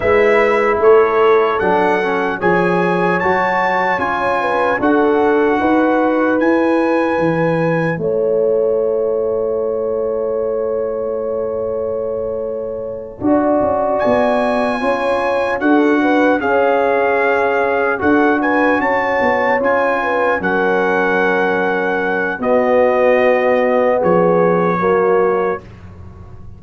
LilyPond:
<<
  \new Staff \with { instrumentName = "trumpet" } { \time 4/4 \tempo 4 = 75 e''4 cis''4 fis''4 gis''4 | a''4 gis''4 fis''2 | gis''2 a''2~ | a''1~ |
a''4. gis''2 fis''8~ | fis''8 f''2 fis''8 gis''8 a''8~ | a''8 gis''4 fis''2~ fis''8 | dis''2 cis''2 | }
  \new Staff \with { instrumentName = "horn" } { \time 4/4 b'4 a'2 cis''4~ | cis''4. b'8 a'4 b'4~ | b'2 cis''2~ | cis''1~ |
cis''8 d''2 cis''4 a'8 | b'8 cis''2 a'8 b'8 cis''8~ | cis''4 b'8 ais'2~ ais'8 | fis'2 gis'4 fis'4 | }
  \new Staff \with { instrumentName = "trombone" } { \time 4/4 e'2 d'8 cis'8 gis'4 | fis'4 f'4 fis'2 | e'1~ | e'1~ |
e'8 fis'2 f'4 fis'8~ | fis'8 gis'2 fis'4.~ | fis'8 f'4 cis'2~ cis'8 | b2. ais4 | }
  \new Staff \with { instrumentName = "tuba" } { \time 4/4 gis4 a4 fis4 f4 | fis4 cis'4 d'4 dis'4 | e'4 e4 a2~ | a1~ |
a8 d'8 cis'8 b4 cis'4 d'8~ | d'8 cis'2 d'4 cis'8 | b8 cis'4 fis2~ fis8 | b2 f4 fis4 | }
>>